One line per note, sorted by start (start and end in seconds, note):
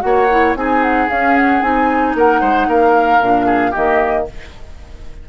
0.00 0.55 A#3
0.00 0.27 F#4
0.00 0.54 F#5
0.06 0.58 C#5
0.30 0.56 E4
0.55 1.08 C4
0.55 1.08 D#4
0.55 2.17 G#4
0.55 0.82 G#5
0.82 1.09 F#5
1.08 1.61 C#4
1.08 1.62 C#4
1.08 1.36 F5
1.36 1.62 F#5
1.61 2.15 C4
1.61 3.20 D#4
1.61 2.15 G#5
2.15 2.41 A#3
2.15 2.40 A#4
2.15 2.69 F#5
2.40 2.67 G#3
2.40 2.67 C5
2.67 3.20 A#3
2.67 3.46 A#4
2.67 3.74 F5
3.20 3.73 A#2
3.20 3.73 D4
3.46 3.71 G#4
3.71 4.29 D#3
3.71 4.26 A#3
3.71 4.24 G4
3.71 4.27 D#5